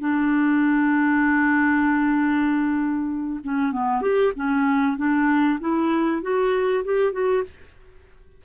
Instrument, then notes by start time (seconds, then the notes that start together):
clarinet
0.00 D4
3.44 C#4
3.72 B3
4.02 G4
4.36 C#4
4.98 D4
5.60 E4
6.22 F#4
6.85 G4
7.13 F#4